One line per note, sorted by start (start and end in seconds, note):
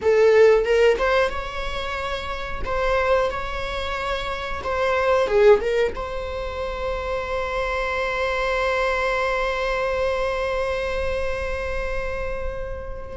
0.01 0.64 A4
0.64 0.97 A#4
0.98 1.29 C5
1.29 2.61 C#5
2.64 3.30 C5
3.30 4.62 C#5
4.63 5.27 C5
5.27 5.60 G#4
5.60 5.93 A#4
5.95 13.17 C5